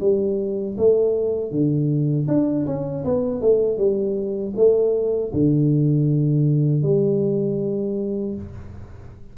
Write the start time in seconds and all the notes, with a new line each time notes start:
0.00 G3
0.77 A3
1.51 D3
2.28 D4
2.66 C#4
3.04 B3
3.41 A3
3.77 G3
4.56 A3
5.33 D3
6.83 G3